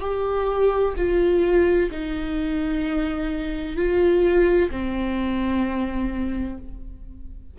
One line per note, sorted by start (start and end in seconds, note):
0.00 0.94 G4
0.96 1.90 F4
1.91 3.76 D#4
3.76 4.70 F4
4.70 6.58 C4